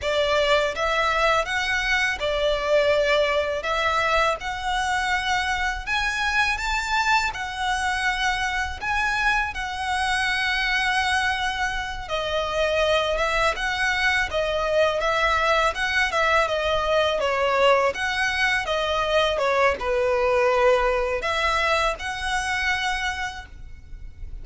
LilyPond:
\new Staff \with { instrumentName = "violin" } { \time 4/4 \tempo 4 = 82 d''4 e''4 fis''4 d''4~ | d''4 e''4 fis''2 | gis''4 a''4 fis''2 | gis''4 fis''2.~ |
fis''8 dis''4. e''8 fis''4 dis''8~ | dis''8 e''4 fis''8 e''8 dis''4 cis''8~ | cis''8 fis''4 dis''4 cis''8 b'4~ | b'4 e''4 fis''2 | }